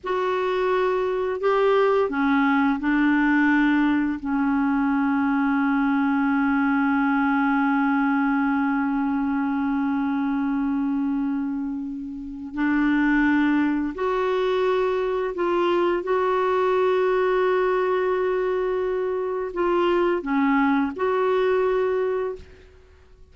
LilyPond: \new Staff \with { instrumentName = "clarinet" } { \time 4/4 \tempo 4 = 86 fis'2 g'4 cis'4 | d'2 cis'2~ | cis'1~ | cis'1~ |
cis'2 d'2 | fis'2 f'4 fis'4~ | fis'1 | f'4 cis'4 fis'2 | }